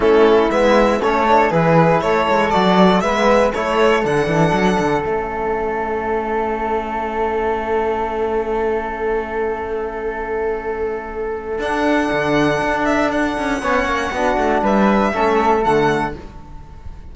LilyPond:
<<
  \new Staff \with { instrumentName = "violin" } { \time 4/4 \tempo 4 = 119 a'4 e''4 cis''4 b'4 | cis''4 d''4 e''4 cis''4 | fis''2 e''2~ | e''1~ |
e''1~ | e''2. fis''4~ | fis''4. e''8 fis''2~ | fis''4 e''2 fis''4 | }
  \new Staff \with { instrumentName = "flute" } { \time 4/4 e'2 a'4 gis'4 | a'2 b'4 a'4~ | a'1~ | a'1~ |
a'1~ | a'1~ | a'2. cis''4 | fis'4 b'4 a'2 | }
  \new Staff \with { instrumentName = "trombone" } { \time 4/4 cis'4 b4 cis'8 d'8 e'4~ | e'4 fis'4 b4 e'4 | d'2 cis'2~ | cis'1~ |
cis'1~ | cis'2. d'4~ | d'2. cis'4 | d'2 cis'4 a4 | }
  \new Staff \with { instrumentName = "cello" } { \time 4/4 a4 gis4 a4 e4 | a8 gis8 fis4 gis4 a4 | d8 e8 fis8 d8 a2~ | a1~ |
a1~ | a2. d'4 | d4 d'4. cis'8 b8 ais8 | b8 a8 g4 a4 d4 | }
>>